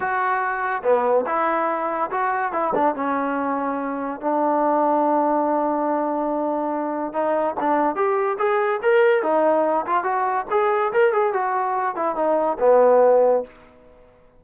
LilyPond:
\new Staff \with { instrumentName = "trombone" } { \time 4/4 \tempo 4 = 143 fis'2 b4 e'4~ | e'4 fis'4 e'8 d'8 cis'4~ | cis'2 d'2~ | d'1~ |
d'4 dis'4 d'4 g'4 | gis'4 ais'4 dis'4. f'8 | fis'4 gis'4 ais'8 gis'8 fis'4~ | fis'8 e'8 dis'4 b2 | }